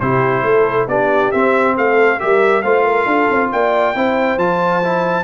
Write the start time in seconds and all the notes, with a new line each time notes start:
0.00 C3 E4 G4 C5
0.43 A3 A4
0.88 B3 D4 G4 D5
1.32 C4 E5
1.78 A3 A4 F5
2.20 G3 G4 A#4 E5
2.62 A3 F4 C5 F5
2.85 A#4
3.06 D4 A4
3.31 C4
3.52 A#3 D5 G5
3.95 C4 E4 C5
4.37 F3 F4 A5
4.83 E4